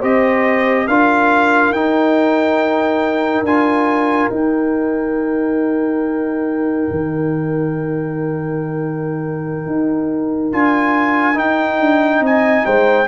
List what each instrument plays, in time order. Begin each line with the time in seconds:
0.00 tuba C4, trombone G4, horn C5, trumpet D#5
0.88 tuba D4, trombone F4, horn A#4, trumpet F5
1.71 tuba D#4, trombone D#4, trumpet G5
3.43 tuba D4, trombone F4, trumpet G#5
4.30 tuba D#4, trombone D#4, trumpet G5
6.91 tuba D#3
9.66 tuba D#4
10.53 tuba D4, trombone F4, trumpet G#5
11.35 trombone D#4, tuba D#4, trumpet G5
11.80 tuba D4
12.21 tuba C4, horn D#5, trumpet G#5
12.66 tuba G#3, horn C5, trumpet G5